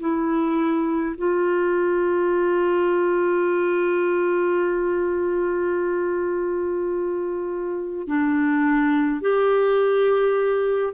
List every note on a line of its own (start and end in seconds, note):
0.00 1.15 E4
1.17 8.08 F4
8.08 9.21 D4
9.21 10.94 G4